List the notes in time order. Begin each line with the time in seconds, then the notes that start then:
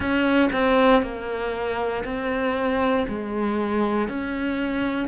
0.00 C#4
0.52 C4
1.02 A#3
2.04 C4
3.08 G#3
4.08 C#4